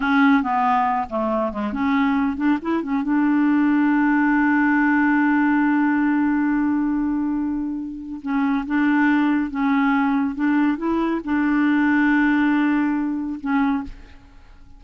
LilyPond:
\new Staff \with { instrumentName = "clarinet" } { \time 4/4 \tempo 4 = 139 cis'4 b4. a4 gis8 | cis'4. d'8 e'8 cis'8 d'4~ | d'1~ | d'1~ |
d'2. cis'4 | d'2 cis'2 | d'4 e'4 d'2~ | d'2. cis'4 | }